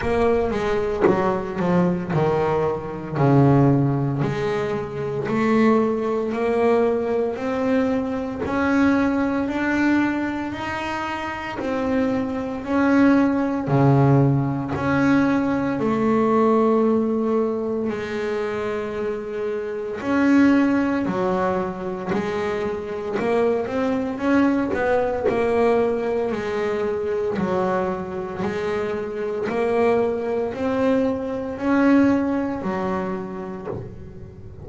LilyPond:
\new Staff \with { instrumentName = "double bass" } { \time 4/4 \tempo 4 = 57 ais8 gis8 fis8 f8 dis4 cis4 | gis4 a4 ais4 c'4 | cis'4 d'4 dis'4 c'4 | cis'4 cis4 cis'4 a4~ |
a4 gis2 cis'4 | fis4 gis4 ais8 c'8 cis'8 b8 | ais4 gis4 fis4 gis4 | ais4 c'4 cis'4 fis4 | }